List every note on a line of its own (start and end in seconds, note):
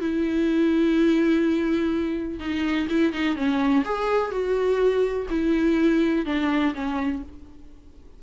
0.00 2.39 E4
2.39 2.87 D#4
2.89 3.12 E4
3.12 3.36 D#4
3.36 3.84 C#4
3.84 4.31 G#4
4.31 5.27 F#4
5.30 6.25 E4
6.25 6.73 D4
6.74 7.22 C#4